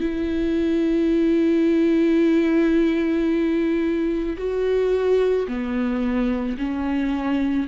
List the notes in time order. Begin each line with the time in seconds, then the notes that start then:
0.00 E4
4.37 F#4
5.48 B3
6.58 C#4